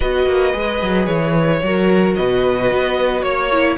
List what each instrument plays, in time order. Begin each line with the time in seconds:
0.00 cello B3, viola F#4, violin B4 D#5
0.26 cello A#3
0.52 cello G#3, viola G#4
0.82 cello F#3
1.06 cello E3, violin C#5
1.62 cello F#3, viola F#4, violin A#4
2.15 cello B2, violin B4 D#5
2.71 cello B3
3.22 cello A#3, violin C#5
3.51 viola E4